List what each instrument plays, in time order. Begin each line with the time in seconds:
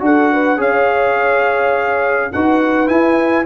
0.00 tuba D4, trombone F#4, horn A4, trumpet F#5
0.33 horn B4
0.58 tuba C#4, trombone G#4, horn C#5, trumpet F5
2.33 tuba D#4, trombone F#4, horn B4, trumpet F#5
2.87 trombone E4, tuba E4, trumpet G#5